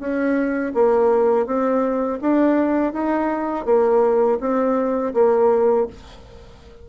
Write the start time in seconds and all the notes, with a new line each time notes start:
0.00 C#4
0.75 A#3
1.47 C4
2.22 D4
2.93 D#4
3.66 A#3
4.41 C4
5.14 A#3